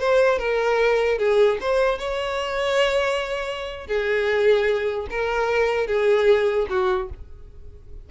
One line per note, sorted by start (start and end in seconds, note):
0.00 0.39 C5
0.39 1.19 A#4
1.19 1.59 G#4
1.61 1.99 C5
1.99 3.87 C#5
3.87 5.07 G#4
5.11 5.87 A#4
5.87 6.67 G#4
6.70 7.10 F#4